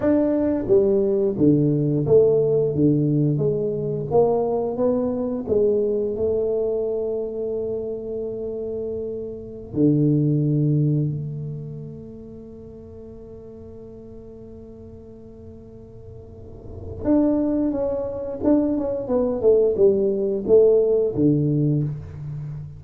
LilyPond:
\new Staff \with { instrumentName = "tuba" } { \time 4/4 \tempo 4 = 88 d'4 g4 d4 a4 | d4 gis4 ais4 b4 | gis4 a2.~ | a2~ a16 d4.~ d16~ |
d16 a2.~ a8.~ | a1~ | a4 d'4 cis'4 d'8 cis'8 | b8 a8 g4 a4 d4 | }